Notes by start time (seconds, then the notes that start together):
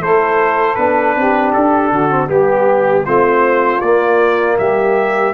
0.00 A3 E4 A4 C5
0.75 B3 D4 B4
1.16 C4 G4
1.53 D4 A4
1.90 D3 F#4
2.09 C4
2.27 G3 B3 G4
3.03 A3 C4 F4 C5
3.81 A#3 D5
4.58 G3 G4 E5